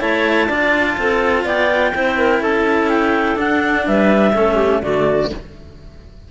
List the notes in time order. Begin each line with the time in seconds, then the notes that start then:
0.00 A3 E4 C#5 A5
0.48 D4 F4 D5
0.97 C4 A4
1.44 B3 D5 G5
1.95 C4 E4 C5
2.18 A#4
2.40 C#4 A4 A5
2.89 G5
3.36 D4 F#5
3.87 G3 B4 E5
4.34 A3 C#4 A4
4.55 G4
4.82 D3 A3 F#4 D5